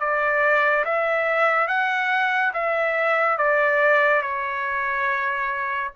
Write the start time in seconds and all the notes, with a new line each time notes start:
0.00 D5
0.85 E5
1.68 F#5
2.54 E5
3.38 D5
4.22 C#5